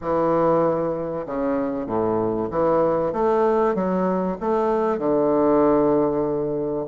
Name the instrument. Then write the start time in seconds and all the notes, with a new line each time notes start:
bassoon
0.01 E3
1.26 C#3
1.86 A2
2.50 E3
3.12 A3
3.74 F#3
4.40 A3
4.98 D3